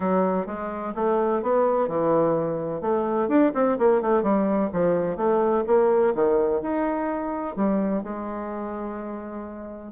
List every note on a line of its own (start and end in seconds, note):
0.00 0.46 F#3
0.46 0.93 G#3
0.95 1.42 A3
1.42 1.88 B3
1.88 2.81 E3
2.81 3.28 A3
3.28 3.52 D4
3.54 3.78 C4
3.78 4.01 A#3
4.01 4.22 A3
4.22 4.70 G3
4.72 5.16 F3
5.16 5.63 A3
5.66 6.14 A#3
6.14 6.61 D#3
6.61 7.56 D#4
7.56 8.03 G3
8.03 9.92 G#3